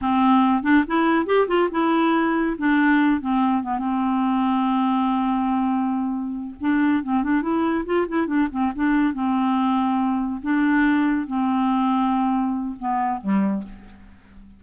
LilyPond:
\new Staff \with { instrumentName = "clarinet" } { \time 4/4 \tempo 4 = 141 c'4. d'8 e'4 g'8 f'8 | e'2 d'4. c'8~ | c'8 b8 c'2.~ | c'2.~ c'8 d'8~ |
d'8 c'8 d'8 e'4 f'8 e'8 d'8 | c'8 d'4 c'2~ c'8~ | c'8 d'2 c'4.~ | c'2 b4 g4 | }